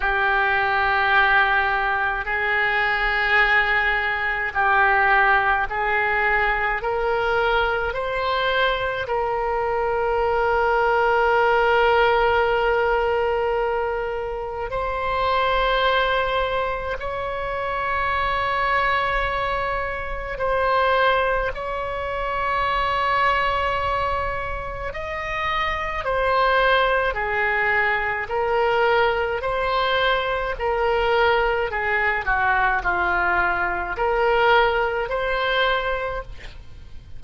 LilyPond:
\new Staff \with { instrumentName = "oboe" } { \time 4/4 \tempo 4 = 53 g'2 gis'2 | g'4 gis'4 ais'4 c''4 | ais'1~ | ais'4 c''2 cis''4~ |
cis''2 c''4 cis''4~ | cis''2 dis''4 c''4 | gis'4 ais'4 c''4 ais'4 | gis'8 fis'8 f'4 ais'4 c''4 | }